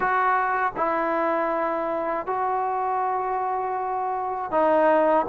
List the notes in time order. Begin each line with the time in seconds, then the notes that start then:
0.00 F#4
0.76 E4
2.26 F#4
4.51 D#4